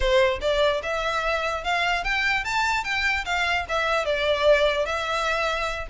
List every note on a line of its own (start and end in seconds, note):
0.00 0.39 C5
0.41 0.81 D5
0.83 1.64 E5
1.64 2.04 F5
2.04 2.44 G5
2.44 2.84 A5
2.84 3.24 G5
3.25 3.65 F5
3.68 4.05 E5
4.05 4.85 D5
4.85 5.87 E5